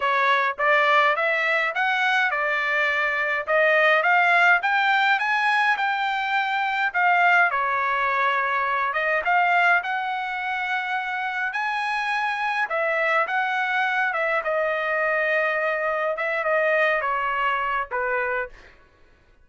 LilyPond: \new Staff \with { instrumentName = "trumpet" } { \time 4/4 \tempo 4 = 104 cis''4 d''4 e''4 fis''4 | d''2 dis''4 f''4 | g''4 gis''4 g''2 | f''4 cis''2~ cis''8 dis''8 |
f''4 fis''2. | gis''2 e''4 fis''4~ | fis''8 e''8 dis''2. | e''8 dis''4 cis''4. b'4 | }